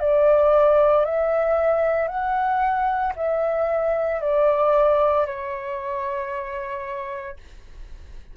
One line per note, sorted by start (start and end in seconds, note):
0.00 1.05 D5
1.05 2.08 E5
2.08 3.13 F#5
3.16 4.21 E5
4.21 5.26 D5
5.26 7.37 C#5